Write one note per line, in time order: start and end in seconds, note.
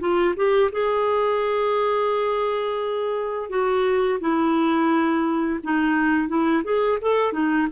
0.00 0.35 F4
0.36 0.71 G4
0.72 3.50 G#4
3.50 4.20 F#4
4.20 5.60 E4
5.64 6.29 D#4
6.29 6.63 E4
6.64 6.99 G#4
7.01 7.33 A4
7.33 7.68 D#4